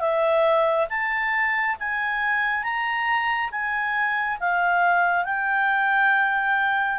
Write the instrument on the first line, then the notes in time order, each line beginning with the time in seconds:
clarinet
0.00 E5
0.89 A5
1.79 G#5
2.63 A#5
3.51 G#5
4.40 F5
5.25 G5